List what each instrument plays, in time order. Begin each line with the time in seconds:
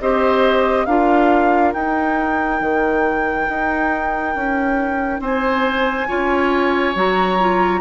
0.00 bassoon C4, clarinet G4, oboe C5, flute D#5
0.86 bassoon D4, clarinet F4, oboe A#4, flute F5
1.73 bassoon D#4, clarinet D#4, flute G5
2.60 bassoon D#3
3.48 bassoon D#4
4.35 bassoon C#4
5.20 bassoon C4, oboe C5, flute G#5
6.08 bassoon C#4, clarinet F4, oboe C#5
6.95 bassoon F#3, clarinet F#4, flute A#5
7.40 clarinet F4